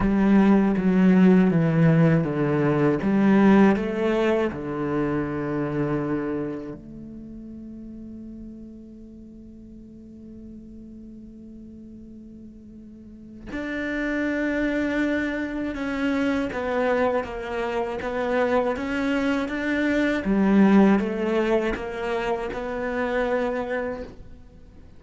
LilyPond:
\new Staff \with { instrumentName = "cello" } { \time 4/4 \tempo 4 = 80 g4 fis4 e4 d4 | g4 a4 d2~ | d4 a2.~ | a1~ |
a2 d'2~ | d'4 cis'4 b4 ais4 | b4 cis'4 d'4 g4 | a4 ais4 b2 | }